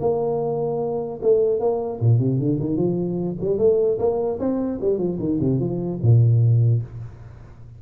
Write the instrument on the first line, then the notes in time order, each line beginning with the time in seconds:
tuba
0.00 A#3
1.22 A3
1.60 A#3
2.00 A#2
2.19 C3
2.39 D3
2.60 D#3
2.76 F3
3.40 G3
3.58 A3
3.98 A#3
4.39 C4
4.81 G3
4.98 F3
5.19 D#3
5.40 C3
5.60 F3
6.02 A#2